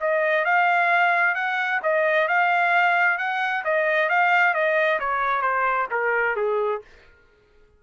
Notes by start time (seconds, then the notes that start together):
0.00 D#5
0.45 F5
1.35 F#5
1.83 D#5
2.28 F5
3.18 F#5
3.64 D#5
4.09 F5
4.54 D#5
4.99 C#5
5.42 C5
5.91 A#4
6.36 G#4